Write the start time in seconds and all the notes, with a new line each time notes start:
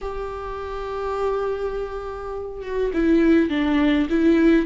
0.01 G4
2.62 F#4
2.93 E4
3.50 D4
4.09 E4